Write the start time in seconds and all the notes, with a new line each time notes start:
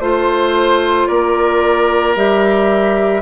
0.00 A3 F4 C5
1.08 A#3 A#4 D5
2.16 G3 G4 E5